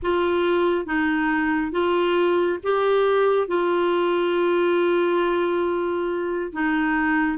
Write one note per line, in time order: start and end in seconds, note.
0.02 0.85 F4
0.85 1.72 D#4
1.72 2.58 F4
2.63 3.47 G4
3.47 6.51 F4
6.52 7.38 D#4